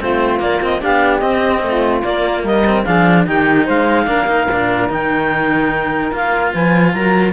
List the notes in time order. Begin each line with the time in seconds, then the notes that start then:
0.00 A3 C4 F4 C5
0.40 A#3 D5
0.62 C4 D#5
0.81 B3 D4 G4 F5
1.19 C4 D#5
1.62 A3 F4
2.02 A#3 D5
2.44 G3 A#4 D#5
2.66 C4
2.85 F3 D4 G#4 F5
3.26 D#3 D#4 G4 G5
3.65 G#3 C5 F5
4.07 A#3 D4 A#4
4.27 D#4
4.51 A#2 D4
4.89 D#3 D#4 G5
6.12 A#3 F4 F5
6.53 F3 B4 G#5
6.93 F#3 A#4 A#5